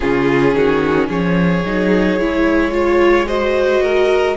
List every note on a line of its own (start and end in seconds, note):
0.00 0.54 C#3
0.00 1.62 C#4
0.00 0.55 F4
0.00 1.07 G#4
0.54 1.08 D#3
0.54 1.07 F#4
1.07 1.64 F3
1.07 2.71 G#4
1.07 3.27 C#5
1.65 2.19 F#3
1.65 2.19 D#4
2.19 4.36 G#3
2.19 2.71 E4
2.71 3.26 F4
2.71 3.27 C#5
3.27 4.36 F#4
3.27 3.82 C5
3.27 4.36 D#5
3.82 4.36 A#4